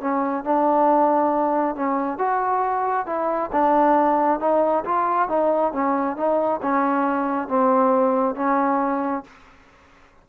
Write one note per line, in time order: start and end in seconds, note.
0.00 0.44 C#4
0.44 1.75 D4
1.75 2.18 C#4
2.18 3.06 F#4
3.06 3.50 E4
3.52 4.40 D4
4.40 4.84 D#4
4.84 5.28 F4
5.28 5.72 D#4
5.72 6.16 C#4
6.16 6.60 D#4
6.62 7.48 C#4
7.48 8.35 C4
8.35 9.23 C#4